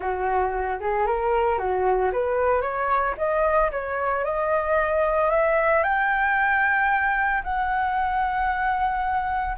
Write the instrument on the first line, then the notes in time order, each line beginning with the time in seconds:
flute
0.00 F#4
0.79 G#4
1.06 A#4
1.58 F#4
2.12 B4
2.61 C#5
3.17 D#5
3.71 C#5
4.24 D#5
5.30 E5
5.83 G5
7.43 F#5